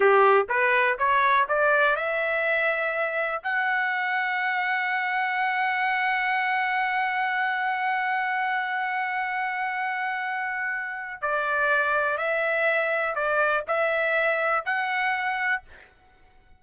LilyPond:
\new Staff \with { instrumentName = "trumpet" } { \time 4/4 \tempo 4 = 123 g'4 b'4 cis''4 d''4 | e''2. fis''4~ | fis''1~ | fis''1~ |
fis''1~ | fis''2. d''4~ | d''4 e''2 d''4 | e''2 fis''2 | }